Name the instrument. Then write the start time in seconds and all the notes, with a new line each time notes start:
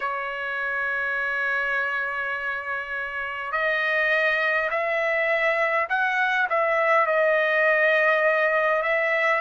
trumpet
0.00 C#5
3.51 D#5
4.70 E5
5.89 F#5
6.49 E5
7.06 D#5
8.82 E5